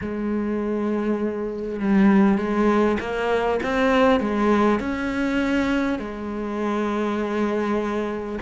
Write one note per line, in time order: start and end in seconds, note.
0.01 1.79 G#3
1.79 2.37 G3
2.37 2.97 G#3
3.00 3.60 A#3
3.62 4.19 C4
4.19 4.79 G#3
4.79 5.98 C#4
5.98 8.38 G#3